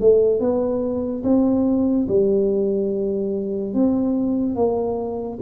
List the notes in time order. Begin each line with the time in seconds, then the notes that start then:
0.00 A3
0.40 B3
1.23 C4
2.08 G3
3.74 C4
4.55 A#3